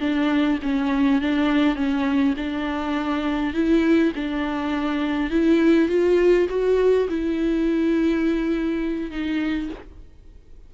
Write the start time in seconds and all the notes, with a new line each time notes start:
0.00 D4
0.63 C#4
1.21 D4
1.76 C#4
2.37 D4
3.54 E4
4.15 D4
5.30 E4
5.89 F4
6.49 F#4
7.09 E4
9.11 D#4